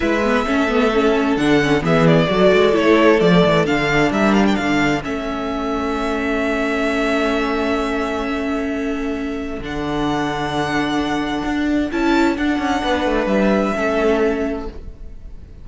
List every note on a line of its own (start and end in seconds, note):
0.00 0.47 G#3
0.00 0.22 E4
0.00 0.45 B4
0.00 1.36 E5
0.23 0.46 B3
0.46 1.37 A3
0.46 0.68 C#4
0.46 1.83 A4
0.68 0.91 B3
0.93 1.38 C#4
1.36 1.81 D3
1.36 1.61 D4
1.36 1.82 F#5
1.62 1.80 C#4
1.80 2.27 E3
1.80 2.26 B3
1.80 2.30 G#4
1.80 2.06 E5
2.06 2.75 D5
2.28 2.52 F#3
2.28 2.72 F#4
2.28 4.12 A4
2.53 2.75 G#3
2.72 3.20 A3
2.72 3.18 E4
2.72 3.19 C#5
3.19 3.43 F3
3.19 3.65 A3
3.19 3.65 D5
3.45 3.67 E3
3.66 4.10 D3
3.66 5.03 D4
3.66 4.11 F5
4.10 4.56 G3
4.10 4.57 A#4
4.10 4.34 E5
4.34 4.45 F5
4.46 4.55 G5
4.55 5.04 D3
4.55 12.82 A4
4.55 5.01 F5
5.03 9.59 A3
5.03 9.61 C#4
5.03 9.62 E5
9.59 11.42 D3
9.59 11.90 D4
9.59 11.91 F#5
11.44 11.90 D4
11.91 12.37 C#4
11.91 12.37 E4
11.91 12.37 A5
12.37 12.58 D4
12.37 13.74 D4
12.37 13.27 F#5
12.58 12.81 C#4
12.83 13.05 B3
12.83 13.74 B4
13.05 13.26 A3
13.26 13.72 G3
13.26 14.65 E5
13.74 14.68 A3
13.74 14.66 C#4
13.74 14.67 A4